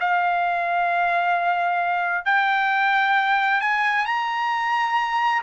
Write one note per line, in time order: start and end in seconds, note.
0.00 2.25 F5
2.25 3.61 G5
3.61 4.05 G#5
4.05 5.42 A#5